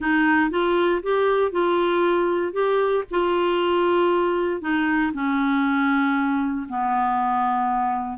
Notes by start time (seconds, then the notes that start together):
0.00 D#4
0.50 F4
1.03 G4
1.51 F4
2.52 G4
3.10 F4
4.61 D#4
5.13 C#4
6.69 B3